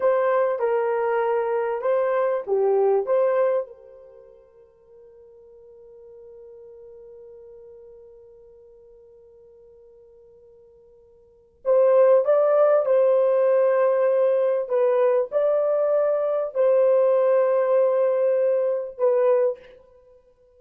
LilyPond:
\new Staff \with { instrumentName = "horn" } { \time 4/4 \tempo 4 = 98 c''4 ais'2 c''4 | g'4 c''4 ais'2~ | ais'1~ | ais'1~ |
ais'2. c''4 | d''4 c''2. | b'4 d''2 c''4~ | c''2. b'4 | }